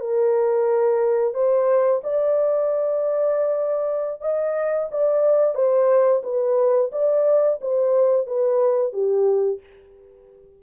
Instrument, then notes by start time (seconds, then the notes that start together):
horn
0.00 A#4
1.34 C5
2.03 D5
4.21 D#5
4.91 D5
5.55 C5
6.23 B4
6.92 D5
7.61 C5
8.27 B4
8.92 G4